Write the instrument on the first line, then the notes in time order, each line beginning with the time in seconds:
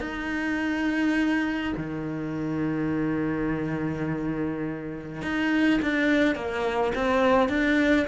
cello
0.00 D#4
1.77 D#3
5.22 D#4
5.82 D4
6.35 A#3
6.95 C4
7.49 D4